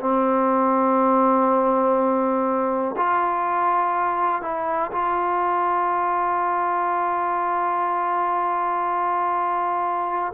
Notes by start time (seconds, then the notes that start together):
0.00 C4
2.96 F4
4.41 E4
4.91 F4